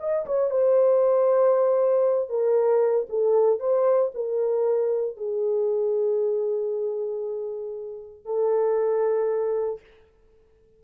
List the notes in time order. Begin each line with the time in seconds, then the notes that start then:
0.00 D#5
0.26 C#5
0.51 C5
2.29 A#4
3.10 A4
3.60 C5
4.14 A#4
5.17 G#4
8.25 A4